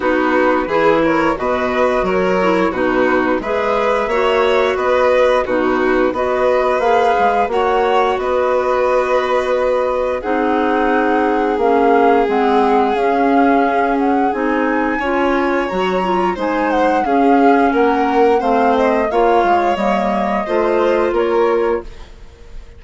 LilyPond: <<
  \new Staff \with { instrumentName = "flute" } { \time 4/4 \tempo 4 = 88 b'4. cis''8 dis''4 cis''4 | b'4 e''2 dis''4 | b'4 dis''4 f''4 fis''4 | dis''2. fis''4~ |
fis''4 f''4 fis''4 f''4~ | f''8 fis''8 gis''2 ais''4 | gis''8 fis''8 f''4 fis''4 f''8 dis''8 | f''4 dis''2 cis''4 | }
  \new Staff \with { instrumentName = "violin" } { \time 4/4 fis'4 gis'8 ais'8 b'4 ais'4 | fis'4 b'4 cis''4 b'4 | fis'4 b'2 cis''4 | b'2. gis'4~ |
gis'1~ | gis'2 cis''2 | c''4 gis'4 ais'4 c''4 | cis''2 c''4 ais'4 | }
  \new Staff \with { instrumentName = "clarinet" } { \time 4/4 dis'4 e'4 fis'4. e'8 | dis'4 gis'4 fis'2 | dis'4 fis'4 gis'4 fis'4~ | fis'2. dis'4~ |
dis'4 cis'4 c'4 cis'4~ | cis'4 dis'4 f'4 fis'8 f'8 | dis'4 cis'2 c'4 | f'4 ais4 f'2 | }
  \new Staff \with { instrumentName = "bassoon" } { \time 4/4 b4 e4 b,4 fis4 | b,4 gis4 ais4 b4 | b,4 b4 ais8 gis8 ais4 | b2. c'4~ |
c'4 ais4 gis4 cis'4~ | cis'4 c'4 cis'4 fis4 | gis4 cis'4 ais4 a4 | ais8 gis8 g4 a4 ais4 | }
>>